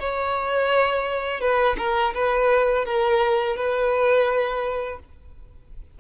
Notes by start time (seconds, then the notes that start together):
0.00 C#5
1.41 B4
1.78 A#4
2.15 B4
2.86 A#4
3.56 B4